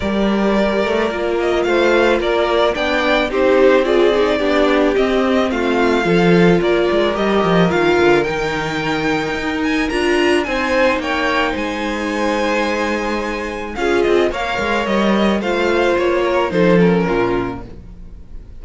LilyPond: <<
  \new Staff \with { instrumentName = "violin" } { \time 4/4 \tempo 4 = 109 d''2~ d''8 dis''8 f''4 | d''4 g''4 c''4 d''4~ | d''4 dis''4 f''2 | d''4 dis''4 f''4 g''4~ |
g''4. gis''8 ais''4 gis''4 | g''4 gis''2.~ | gis''4 f''8 dis''8 f''4 dis''4 | f''4 cis''4 c''8 ais'4. | }
  \new Staff \with { instrumentName = "violin" } { \time 4/4 ais'2. c''4 | ais'4 d''4 g'4 gis'4 | g'2 f'4 a'4 | ais'1~ |
ais'2. c''4 | cis''4 c''2.~ | c''4 gis'4 cis''2 | c''4. ais'8 a'4 f'4 | }
  \new Staff \with { instrumentName = "viola" } { \time 4/4 g'2 f'2~ | f'4 d'4 dis'4 f'8 dis'8 | d'4 c'2 f'4~ | f'4 g'4 f'4 dis'4~ |
dis'2 f'4 dis'4~ | dis'1~ | dis'4 f'4 ais'2 | f'2 dis'8 cis'4. | }
  \new Staff \with { instrumentName = "cello" } { \time 4/4 g4. a8 ais4 a4 | ais4 b4 c'2 | b4 c'4 a4 f4 | ais8 gis8 g8 f8 dis8 d8 dis4~ |
dis4 dis'4 d'4 c'4 | ais4 gis2.~ | gis4 cis'8 c'8 ais8 gis8 g4 | a4 ais4 f4 ais,4 | }
>>